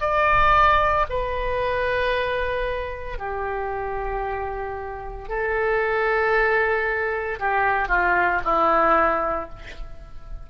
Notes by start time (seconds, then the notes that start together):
0.00 D5
1.10 B4
3.18 G4
5.29 A4
7.39 G4
7.88 F4
8.44 E4